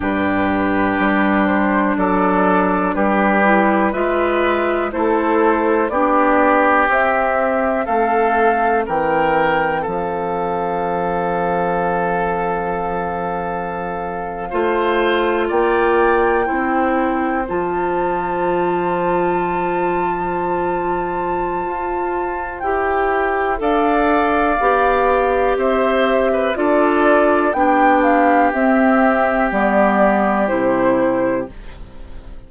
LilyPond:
<<
  \new Staff \with { instrumentName = "flute" } { \time 4/4 \tempo 4 = 61 b'4. c''8 d''4 b'4 | e''4 c''4 d''4 e''4 | f''4 g''4 f''2~ | f''2.~ f''8. g''16~ |
g''4.~ g''16 a''2~ a''16~ | a''2. g''4 | f''2 e''4 d''4 | g''8 f''8 e''4 d''4 c''4 | }
  \new Staff \with { instrumentName = "oboe" } { \time 4/4 g'2 a'4 g'4 | b'4 a'4 g'2 | a'4 ais'4 a'2~ | a'2~ a'8. c''4 d''16~ |
d''8. c''2.~ c''16~ | c''1 | d''2 c''8. b'16 a'4 | g'1 | }
  \new Staff \with { instrumentName = "clarinet" } { \time 4/4 d'2.~ d'8 e'8 | f'4 e'4 d'4 c'4~ | c'1~ | c'2~ c'8. f'4~ f'16~ |
f'8. e'4 f'2~ f'16~ | f'2. g'4 | a'4 g'2 f'4 | d'4 c'4 b4 e'4 | }
  \new Staff \with { instrumentName = "bassoon" } { \time 4/4 g,4 g4 fis4 g4 | gis4 a4 b4 c'4 | a4 e4 f2~ | f2~ f8. a4 ais16~ |
ais8. c'4 f2~ f16~ | f2 f'4 e'4 | d'4 b4 c'4 d'4 | b4 c'4 g4 c4 | }
>>